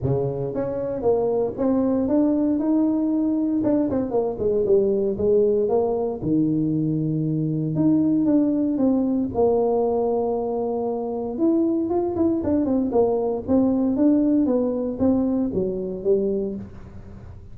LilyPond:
\new Staff \with { instrumentName = "tuba" } { \time 4/4 \tempo 4 = 116 cis4 cis'4 ais4 c'4 | d'4 dis'2 d'8 c'8 | ais8 gis8 g4 gis4 ais4 | dis2. dis'4 |
d'4 c'4 ais2~ | ais2 e'4 f'8 e'8 | d'8 c'8 ais4 c'4 d'4 | b4 c'4 fis4 g4 | }